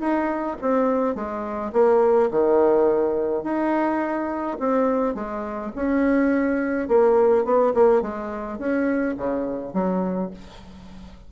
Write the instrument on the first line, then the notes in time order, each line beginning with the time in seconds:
bassoon
0.00 D#4
0.62 C4
1.15 G#3
1.73 A#3
2.31 D#3
3.43 D#4
4.60 C4
5.15 G#3
5.76 C#4
6.88 A#3
7.45 B3
7.74 A#3
8.02 G#3
8.59 C#4
9.17 C#3
9.74 F#3